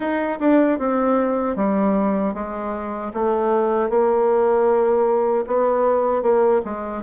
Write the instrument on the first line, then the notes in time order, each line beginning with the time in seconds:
bassoon
0.00 D#4
0.40 D4
0.79 C4
1.55 G3
2.34 G#3
3.13 A3
3.89 A#3
5.46 B3
6.22 A#3
6.64 G#3